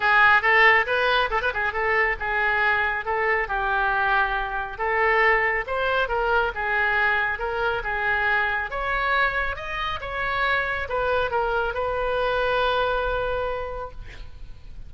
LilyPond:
\new Staff \with { instrumentName = "oboe" } { \time 4/4 \tempo 4 = 138 gis'4 a'4 b'4 a'16 b'16 gis'8 | a'4 gis'2 a'4 | g'2. a'4~ | a'4 c''4 ais'4 gis'4~ |
gis'4 ais'4 gis'2 | cis''2 dis''4 cis''4~ | cis''4 b'4 ais'4 b'4~ | b'1 | }